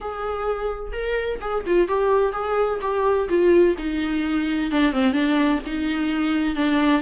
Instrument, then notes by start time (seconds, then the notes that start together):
viola
0.01 G#4
0.92 A#4
1.40 G#4
1.66 F4
1.87 G4
2.32 G#4
2.81 G4
3.28 F4
3.77 D#4
4.71 D4
4.92 C4
5.12 D4
5.66 D#4
6.55 D4